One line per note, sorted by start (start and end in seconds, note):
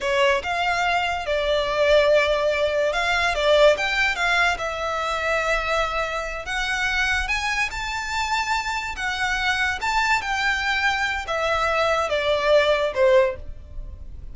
0.00 0.42 C#5
0.43 1.26 F5
1.26 2.92 D5
2.93 3.34 F5
3.34 3.76 D5
3.77 4.15 G5
4.15 4.57 F5
4.58 6.45 E5
6.45 7.27 F#5
7.27 7.69 G#5
7.70 8.95 A5
8.96 9.79 F#5
9.81 10.21 A5
10.21 11.25 G5
11.27 12.09 E5
12.09 12.92 D5
12.94 13.36 C5